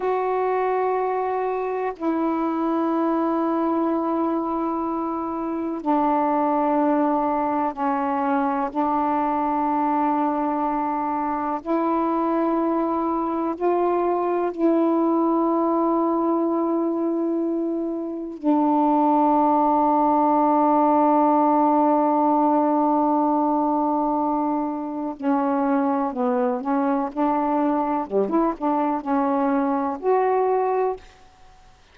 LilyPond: \new Staff \with { instrumentName = "saxophone" } { \time 4/4 \tempo 4 = 62 fis'2 e'2~ | e'2 d'2 | cis'4 d'2. | e'2 f'4 e'4~ |
e'2. d'4~ | d'1~ | d'2 cis'4 b8 cis'8 | d'4 g16 e'16 d'8 cis'4 fis'4 | }